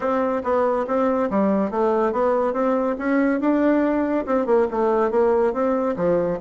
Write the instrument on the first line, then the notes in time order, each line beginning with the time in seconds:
bassoon
0.00 C4
0.43 B3
0.87 C4
1.30 G3
1.71 A3
2.12 B3
2.53 C4
2.98 C#4
3.40 D4
4.26 C4
4.45 A#3
4.71 A3
5.10 A#3
5.53 C4
5.96 F3